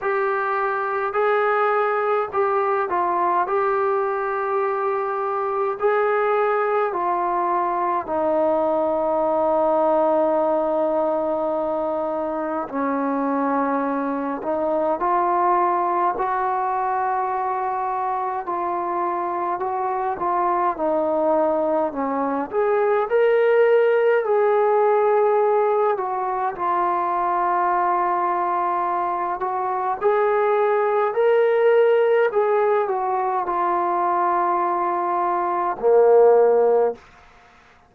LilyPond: \new Staff \with { instrumentName = "trombone" } { \time 4/4 \tempo 4 = 52 g'4 gis'4 g'8 f'8 g'4~ | g'4 gis'4 f'4 dis'4~ | dis'2. cis'4~ | cis'8 dis'8 f'4 fis'2 |
f'4 fis'8 f'8 dis'4 cis'8 gis'8 | ais'4 gis'4. fis'8 f'4~ | f'4. fis'8 gis'4 ais'4 | gis'8 fis'8 f'2 ais4 | }